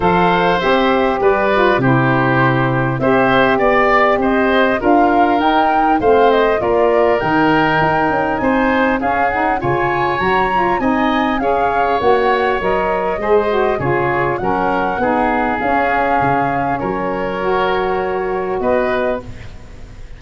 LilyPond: <<
  \new Staff \with { instrumentName = "flute" } { \time 4/4 \tempo 4 = 100 f''4 e''4 d''4 c''4~ | c''4 e''4 d''4 dis''4 | f''4 g''4 f''8 dis''8 d''4 | g''2 gis''4 f''8 fis''8 |
gis''4 ais''4 gis''4 f''4 | fis''4 dis''2 cis''4 | fis''2 f''2 | cis''2. dis''4 | }
  \new Staff \with { instrumentName = "oboe" } { \time 4/4 c''2 b'4 g'4~ | g'4 c''4 d''4 c''4 | ais'2 c''4 ais'4~ | ais'2 c''4 gis'4 |
cis''2 dis''4 cis''4~ | cis''2 c''4 gis'4 | ais'4 gis'2. | ais'2. b'4 | }
  \new Staff \with { instrumentName = "saxophone" } { \time 4/4 a'4 g'4. f'8 e'4~ | e'4 g'2. | f'4 dis'4 c'4 f'4 | dis'2. cis'8 dis'8 |
f'4 fis'8 f'8 dis'4 gis'4 | fis'4 ais'4 gis'8 fis'8 f'4 | cis'4 dis'4 cis'2~ | cis'4 fis'2. | }
  \new Staff \with { instrumentName = "tuba" } { \time 4/4 f4 c'4 g4 c4~ | c4 c'4 b4 c'4 | d'4 dis'4 a4 ais4 | dis4 dis'8 cis'8 c'4 cis'4 |
cis4 fis4 c'4 cis'4 | ais4 fis4 gis4 cis4 | fis4 b4 cis'4 cis4 | fis2. b4 | }
>>